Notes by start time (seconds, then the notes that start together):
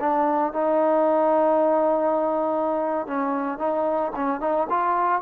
0.00 D4
0.53 D#4
3.07 C#4
3.58 D#4
4.15 C#4
4.40 D#4
4.69 F4